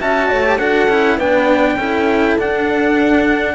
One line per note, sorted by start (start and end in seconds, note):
0.00 0.31 C#4
0.00 0.43 F#4
0.00 0.29 E5
0.00 0.58 A5
0.29 0.59 A3
0.29 0.59 C#5
0.43 0.58 G4
0.58 0.88 D4
0.58 0.88 F#4
0.58 1.18 A4
0.58 1.18 F#5
0.89 1.18 C#4
0.89 1.19 E4
1.18 1.76 B3
1.18 1.79 D4
1.18 1.78 B4
1.18 2.38 G5
1.76 2.36 C#4
1.76 2.39 E4
1.76 3.55 A4
2.38 3.55 D4
2.38 3.55 F#5